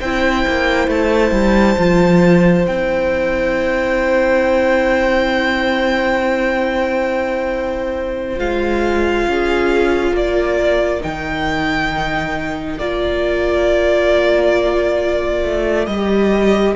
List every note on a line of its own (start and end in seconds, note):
0.00 0.45 C4
0.00 1.79 E4
0.00 9.26 C5
0.00 0.89 G5
0.47 0.87 A#3
0.87 1.31 A3
0.87 2.66 A5
1.31 1.75 G3
1.78 2.66 F3
1.78 2.66 F4
2.66 8.39 C4
2.66 8.36 E4
2.66 8.39 G5
8.36 9.27 G#3
8.36 11.01 F4
8.36 10.16 F5
9.28 10.12 C#4
9.28 10.14 G#4
10.12 11.00 A#3
10.12 16.76 A#4
10.12 11.03 D5
11.01 12.80 D#3
11.01 12.77 D#4
11.01 12.78 G5
12.78 15.44 A#3
12.78 15.88 F4
12.78 15.86 D5
15.44 15.87 A3
15.86 16.75 G3
15.86 16.76 G4
15.86 16.74 D#5